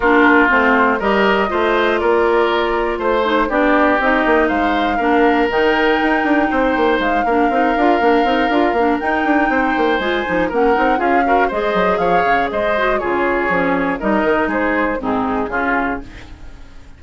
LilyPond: <<
  \new Staff \with { instrumentName = "flute" } { \time 4/4 \tempo 4 = 120 ais'4 c''4 dis''2 | d''2 c''4 d''4 | dis''4 f''2 g''4~ | g''2 f''2~ |
f''2 g''2 | gis''4 fis''4 f''4 dis''4 | f''4 dis''4 cis''2 | dis''4 c''4 gis'2 | }
  \new Staff \with { instrumentName = "oboe" } { \time 4/4 f'2 ais'4 c''4 | ais'2 c''4 g'4~ | g'4 c''4 ais'2~ | ais'4 c''4. ais'4.~ |
ais'2. c''4~ | c''4 ais'4 gis'8 ais'8 c''4 | cis''4 c''4 gis'2 | ais'4 gis'4 dis'4 f'4 | }
  \new Staff \with { instrumentName = "clarinet" } { \time 4/4 d'4 c'4 g'4 f'4~ | f'2~ f'8 dis'8 d'4 | dis'2 d'4 dis'4~ | dis'2~ dis'8 d'8 dis'8 f'8 |
d'8 dis'8 f'8 d'8 dis'2 | f'8 dis'8 cis'8 dis'8 f'8 fis'8 gis'4~ | gis'4. fis'8 f'4 cis'4 | dis'2 c'4 cis'4 | }
  \new Staff \with { instrumentName = "bassoon" } { \time 4/4 ais4 a4 g4 a4 | ais2 a4 b4 | c'8 ais8 gis4 ais4 dis4 | dis'8 d'8 c'8 ais8 gis8 ais8 c'8 d'8 |
ais8 c'8 d'8 ais8 dis'8 d'8 c'8 ais8 | gis8 f8 ais8 c'8 cis'4 gis8 fis8 | f8 cis8 gis4 cis4 f4 | g8 dis8 gis4 gis,4 cis4 | }
>>